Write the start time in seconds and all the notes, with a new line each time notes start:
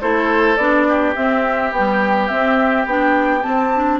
0.00 A3 E4 A4 C5
0.57 B3 D4 D5
0.88 G4
1.15 C4 E5
1.71 G3 B3 G5
2.27 C4 E5
2.85 B3 D4 G5
3.41 C4 A5
3.75 D4